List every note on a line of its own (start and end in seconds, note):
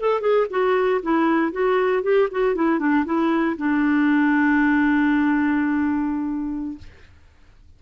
0.00 0.21 A4
0.21 0.46 G#4
0.50 1.01 F#4
1.03 1.52 E4
1.52 2.03 F#4
2.03 2.28 G4
2.31 2.55 F#4
2.55 2.79 E4
2.79 3.05 D4
3.05 3.57 E4
3.57 6.78 D4